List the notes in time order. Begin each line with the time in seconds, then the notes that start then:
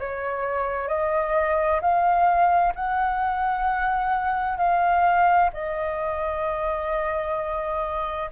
0.00 C#5
0.89 D#5
1.81 F5
2.76 F#5
4.58 F5
5.53 D#5